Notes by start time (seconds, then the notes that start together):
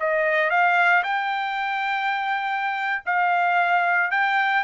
0.00 D#5
0.50 F5
1.04 G5
3.06 F5
4.11 G5